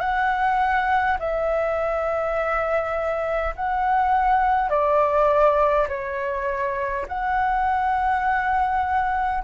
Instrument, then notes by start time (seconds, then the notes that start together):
flute
0.00 F#5
1.19 E5
3.56 F#5
4.70 D5
5.88 C#5
7.08 F#5